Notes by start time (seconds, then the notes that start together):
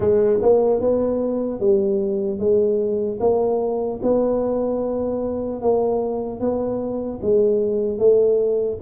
0.00 G#3
0.42 A#3
0.80 B3
1.60 G3
2.39 G#3
3.20 A#3
4.02 B3
5.61 A#3
6.40 B3
7.21 G#3
7.98 A3